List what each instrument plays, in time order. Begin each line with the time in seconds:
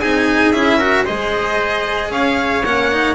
0.00 double bass C4, cello D#4, trumpet G#4, violin G#5
0.52 double bass C#4, cello E4, violin E5
0.77 cello F#4, trumpet A#4
1.04 double bass G#3, cello G#4, trumpet C5, violin D#5
2.11 double bass C#4, trumpet C#5, violin F5
2.64 double bass A#3, cello C#4, violin F#5
2.92 cello D#4